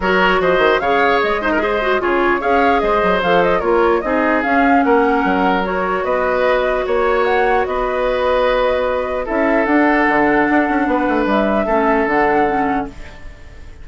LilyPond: <<
  \new Staff \with { instrumentName = "flute" } { \time 4/4 \tempo 4 = 149 cis''4 dis''4 f''4 dis''4~ | dis''4 cis''4 f''4 dis''4 | f''8 dis''8 cis''4 dis''4 f''4 | fis''2 cis''4 dis''4~ |
dis''4 cis''4 fis''4 dis''4~ | dis''2. e''4 | fis''1 | e''2 fis''2 | }
  \new Staff \with { instrumentName = "oboe" } { \time 4/4 ais'4 c''4 cis''4. c''16 ais'16 | c''4 gis'4 cis''4 c''4~ | c''4 ais'4 gis'2 | ais'2. b'4~ |
b'4 cis''2 b'4~ | b'2. a'4~ | a'2. b'4~ | b'4 a'2. | }
  \new Staff \with { instrumentName = "clarinet" } { \time 4/4 fis'2 gis'4. dis'8 | gis'8 fis'8 f'4 gis'2 | a'4 f'4 dis'4 cis'4~ | cis'2 fis'2~ |
fis'1~ | fis'2. e'4 | d'1~ | d'4 cis'4 d'4 cis'4 | }
  \new Staff \with { instrumentName = "bassoon" } { \time 4/4 fis4 f8 dis8 cis4 gis4~ | gis4 cis4 cis'4 gis8 fis8 | f4 ais4 c'4 cis'4 | ais4 fis2 b4~ |
b4 ais2 b4~ | b2. cis'4 | d'4 d4 d'8 cis'8 b8 a8 | g4 a4 d2 | }
>>